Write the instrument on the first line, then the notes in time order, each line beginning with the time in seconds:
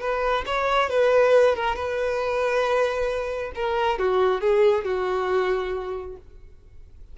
violin
0.00 B4
0.46 C#5
0.89 B4
1.55 A#4
1.75 B4
3.55 A#4
3.99 F#4
4.40 G#4
4.84 F#4